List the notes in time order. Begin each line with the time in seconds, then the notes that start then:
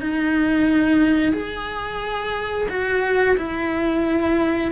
0.00 D#4
1.32 G#4
2.69 F#4
3.37 E4